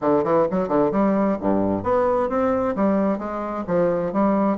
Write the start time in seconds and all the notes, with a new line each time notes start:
0.01 D3
0.24 E3
0.51 F#3
0.68 D3
0.91 G3
1.40 G2
1.83 B3
2.29 C4
2.75 G3
3.18 G#3
3.67 F3
4.12 G3